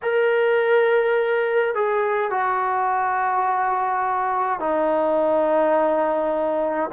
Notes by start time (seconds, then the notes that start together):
0.02 A#4
1.75 G#4
2.30 F#4
4.59 D#4